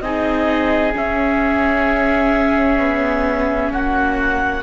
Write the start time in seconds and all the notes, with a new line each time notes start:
0.00 C4 D#4 G#4 D#5
0.92 C#4 E5
2.79 B3
3.71 A#3 F#4 F#5